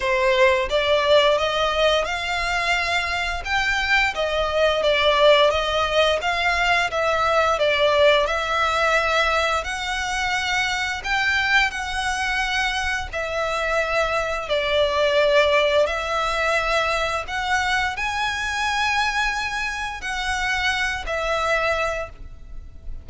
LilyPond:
\new Staff \with { instrumentName = "violin" } { \time 4/4 \tempo 4 = 87 c''4 d''4 dis''4 f''4~ | f''4 g''4 dis''4 d''4 | dis''4 f''4 e''4 d''4 | e''2 fis''2 |
g''4 fis''2 e''4~ | e''4 d''2 e''4~ | e''4 fis''4 gis''2~ | gis''4 fis''4. e''4. | }